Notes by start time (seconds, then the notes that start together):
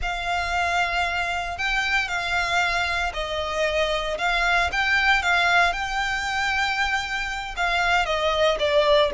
0.02 F5
1.58 G5
2.08 F5
3.13 D#5
4.18 F5
4.71 G5
5.22 F5
5.72 G5
7.56 F5
8.05 D#5
8.59 D5